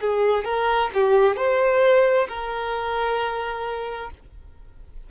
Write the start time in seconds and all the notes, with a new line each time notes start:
0.00 G#4
0.44 A#4
0.94 G4
1.36 C5
2.28 A#4